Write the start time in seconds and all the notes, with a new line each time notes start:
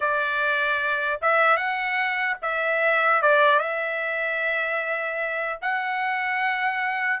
0.00 D5
1.21 E5
1.57 F#5
2.42 E5
3.22 D5
3.59 E5
5.61 F#5